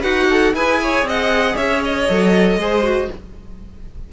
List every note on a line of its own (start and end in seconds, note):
0.00 0.54 D#4
0.00 0.56 F#4
0.00 0.26 B4
0.00 0.54 F#5
0.31 0.55 A4
0.54 1.03 E4
0.54 2.09 G#4
0.54 0.81 B4
0.54 1.07 G#5
0.83 1.08 C#5
1.03 1.55 C4
1.03 1.57 D#5
1.10 1.57 F#5
1.57 2.08 C#4
1.57 2.59 C#5
1.57 1.83 E5
1.85 3.13 D#5
2.09 2.57 F#3
2.09 2.61 A4
2.57 3.08 G#3
2.57 2.84 G#4
2.57 3.12 C5
2.84 3.09 F#4